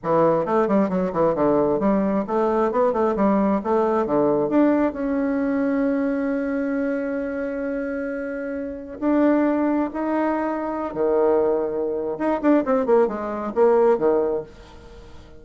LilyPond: \new Staff \with { instrumentName = "bassoon" } { \time 4/4 \tempo 4 = 133 e4 a8 g8 fis8 e8 d4 | g4 a4 b8 a8 g4 | a4 d4 d'4 cis'4~ | cis'1~ |
cis'1 | d'2 dis'2~ | dis'16 dis2~ dis8. dis'8 d'8 | c'8 ais8 gis4 ais4 dis4 | }